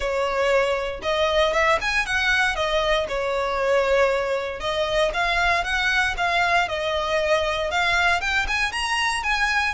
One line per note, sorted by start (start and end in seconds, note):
0.00 1.00 C#5
1.02 1.53 D#5
1.53 1.79 E5
1.81 2.06 G#5
2.06 2.55 F#5
2.55 3.07 D#5
3.08 4.60 C#5
4.60 5.11 D#5
5.13 5.64 F5
5.64 6.15 F#5
6.17 6.68 F5
6.68 7.70 D#5
7.70 8.21 F5
8.21 8.46 G5
8.47 8.72 G#5
8.72 9.23 A#5
9.23 9.74 G#5